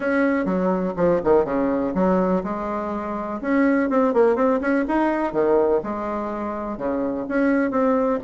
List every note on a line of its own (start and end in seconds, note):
0.00 0.45 C#4
0.45 0.93 F#3
0.96 1.20 F3
1.24 1.45 D#3
1.45 1.93 C#3
1.94 2.42 F#3
2.43 3.40 G#3
3.41 3.89 C#4
3.89 4.13 C4
4.13 4.35 A#3
4.35 4.60 C4
4.60 4.85 C#4
4.88 5.32 D#4
5.32 5.81 D#3
5.83 6.77 G#3
6.77 7.26 C#3
7.28 7.70 C#4
7.70 8.19 C4